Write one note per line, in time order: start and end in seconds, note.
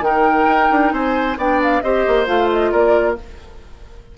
0.00 0.45 D#3
0.00 1.38 D#4
0.00 0.94 A#4
0.00 0.93 G5
0.48 0.70 D#4
0.71 0.93 D4
0.93 1.37 C4
0.93 1.38 C5
0.93 1.38 G#5
1.37 1.82 B3
1.37 1.83 D4
1.37 1.83 D5
1.37 1.63 G5
1.63 1.82 F5
1.82 2.06 C4
1.82 2.26 G4
1.82 2.72 C5
1.82 2.27 D#5
2.08 2.28 A#3
2.26 2.72 A3
2.26 3.16 F4
2.26 2.50 F5
2.53 2.73 D#5
2.72 3.18 A#3
2.72 3.17 A#4
2.72 3.18 D5